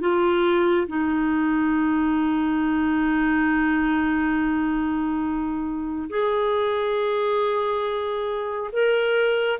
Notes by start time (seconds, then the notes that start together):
0.00 F4
0.87 D#4
6.09 G#4
8.72 A#4